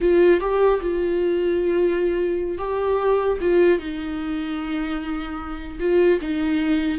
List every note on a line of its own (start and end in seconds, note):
0.00 0.40 F4
0.40 0.80 G4
0.81 2.58 F4
2.58 3.38 G4
3.40 3.79 F4
3.79 5.79 D#4
5.79 6.19 F4
6.21 6.98 D#4